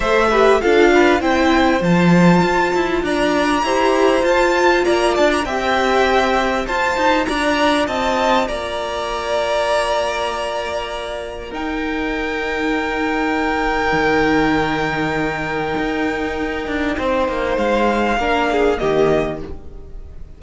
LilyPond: <<
  \new Staff \with { instrumentName = "violin" } { \time 4/4 \tempo 4 = 99 e''4 f''4 g''4 a''4~ | a''4 ais''2 a''4 | ais''8 a''16 ais''16 g''2 a''4 | ais''4 a''4 ais''2~ |
ais''2. g''4~ | g''1~ | g''1~ | g''4 f''2 dis''4 | }
  \new Staff \with { instrumentName = "violin" } { \time 4/4 c''8 b'8 a'8 b'8 c''2~ | c''4 d''4 c''2 | d''4 e''2 c''4 | d''4 dis''4 d''2~ |
d''2. ais'4~ | ais'1~ | ais'1 | c''2 ais'8 gis'8 g'4 | }
  \new Staff \with { instrumentName = "viola" } { \time 4/4 a'8 g'8 f'4 e'4 f'4~ | f'2 g'4 f'4~ | f'4 g'2 f'4~ | f'1~ |
f'2. dis'4~ | dis'1~ | dis'1~ | dis'2 d'4 ais4 | }
  \new Staff \with { instrumentName = "cello" } { \time 4/4 a4 d'4 c'4 f4 | f'8 e'8 d'4 e'4 f'4 | ais8 d'8 c'2 f'8 dis'8 | d'4 c'4 ais2~ |
ais2. dis'4~ | dis'2. dis4~ | dis2 dis'4. d'8 | c'8 ais8 gis4 ais4 dis4 | }
>>